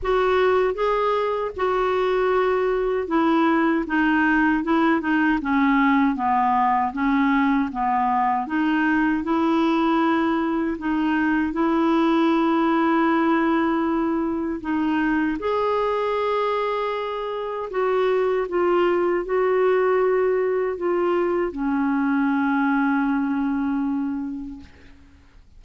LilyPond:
\new Staff \with { instrumentName = "clarinet" } { \time 4/4 \tempo 4 = 78 fis'4 gis'4 fis'2 | e'4 dis'4 e'8 dis'8 cis'4 | b4 cis'4 b4 dis'4 | e'2 dis'4 e'4~ |
e'2. dis'4 | gis'2. fis'4 | f'4 fis'2 f'4 | cis'1 | }